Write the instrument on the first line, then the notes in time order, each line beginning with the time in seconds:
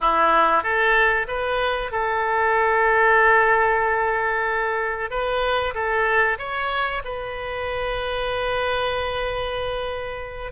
oboe
0.01 E4
0.63 A4
1.27 B4
1.91 A4
5.10 B4
5.74 A4
6.38 C#5
7.04 B4